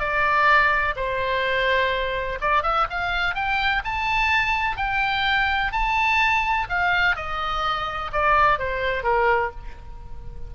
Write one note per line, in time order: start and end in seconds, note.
0.00 0.95 D5
0.96 2.39 C5
2.41 2.63 D5
2.63 2.87 E5
2.90 3.35 F5
3.35 3.83 G5
3.85 4.77 A5
4.77 5.72 G5
5.73 6.68 A5
6.70 7.16 F5
7.16 8.11 D#5
8.13 8.59 D5
8.59 9.04 C5
9.04 9.51 A#4